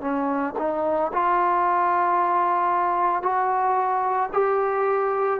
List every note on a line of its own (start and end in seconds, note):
0.00 0.54 C#4
0.58 1.12 D#4
1.12 3.22 F4
3.22 4.29 F#4
4.32 5.40 G4